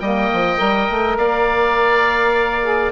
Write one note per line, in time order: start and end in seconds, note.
0.00 0.30 G3
0.00 0.58 A#3
0.00 1.18 D#5
0.00 1.17 G5
0.33 0.60 F3
0.58 0.89 G3
0.58 2.62 A#4
0.89 1.17 A3
1.17 2.92 A#3
1.17 2.92 D5
1.17 2.92 F5
2.62 2.91 G#4